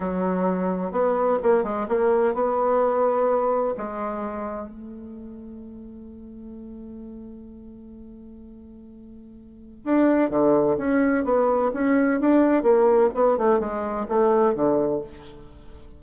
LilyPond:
\new Staff \with { instrumentName = "bassoon" } { \time 4/4 \tempo 4 = 128 fis2 b4 ais8 gis8 | ais4 b2. | gis2 a2~ | a1~ |
a1~ | a4 d'4 d4 cis'4 | b4 cis'4 d'4 ais4 | b8 a8 gis4 a4 d4 | }